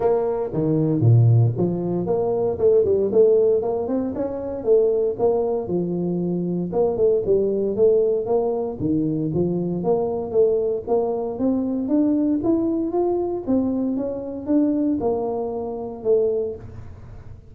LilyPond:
\new Staff \with { instrumentName = "tuba" } { \time 4/4 \tempo 4 = 116 ais4 dis4 ais,4 f4 | ais4 a8 g8 a4 ais8 c'8 | cis'4 a4 ais4 f4~ | f4 ais8 a8 g4 a4 |
ais4 dis4 f4 ais4 | a4 ais4 c'4 d'4 | e'4 f'4 c'4 cis'4 | d'4 ais2 a4 | }